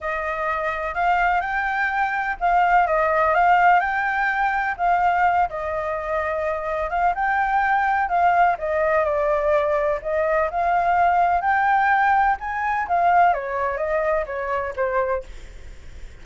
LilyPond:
\new Staff \with { instrumentName = "flute" } { \time 4/4 \tempo 4 = 126 dis''2 f''4 g''4~ | g''4 f''4 dis''4 f''4 | g''2 f''4. dis''8~ | dis''2~ dis''8 f''8 g''4~ |
g''4 f''4 dis''4 d''4~ | d''4 dis''4 f''2 | g''2 gis''4 f''4 | cis''4 dis''4 cis''4 c''4 | }